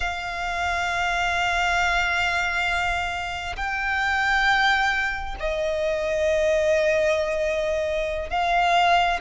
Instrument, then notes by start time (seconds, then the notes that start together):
violin
0.00 F5
3.56 G5
5.39 D#5
8.30 F5